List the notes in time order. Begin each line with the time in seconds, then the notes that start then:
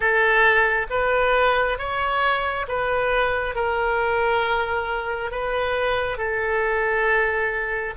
0.00 A4
0.90 B4
1.78 C#5
2.68 B4
3.55 A#4
5.31 B4
6.17 A4